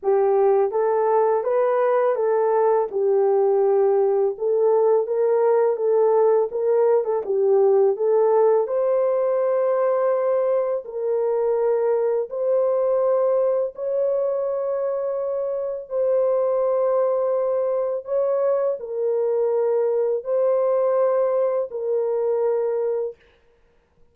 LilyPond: \new Staff \with { instrumentName = "horn" } { \time 4/4 \tempo 4 = 83 g'4 a'4 b'4 a'4 | g'2 a'4 ais'4 | a'4 ais'8. a'16 g'4 a'4 | c''2. ais'4~ |
ais'4 c''2 cis''4~ | cis''2 c''2~ | c''4 cis''4 ais'2 | c''2 ais'2 | }